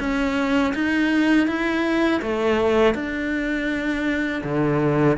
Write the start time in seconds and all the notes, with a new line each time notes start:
0.00 C#4
0.75 D#4
1.47 E4
2.23 A3
2.95 D4
4.44 D3